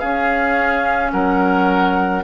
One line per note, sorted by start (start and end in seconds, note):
0.00 2.24 C#4
0.00 1.13 C#4
0.00 1.12 G#4
0.00 1.11 F5
1.12 2.24 F#3
1.12 2.24 A#4
1.12 2.23 F#5